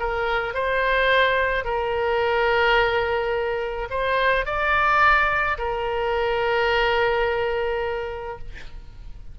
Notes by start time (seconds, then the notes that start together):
0.00 A#4
0.54 C5
1.65 A#4
3.90 C5
4.46 D5
5.58 A#4